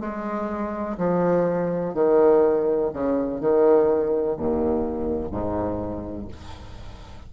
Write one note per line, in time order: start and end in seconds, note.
0.00 0.97 G#3
0.97 1.94 F3
1.94 2.91 D#3
2.93 3.40 C#3
3.40 4.36 D#3
4.36 5.31 D#2
5.31 6.28 G#2